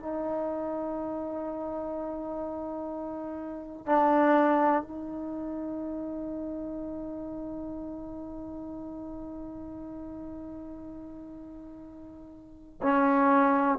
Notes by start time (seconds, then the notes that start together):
0.00 D#4
3.87 D4
4.83 D#4
12.83 C#4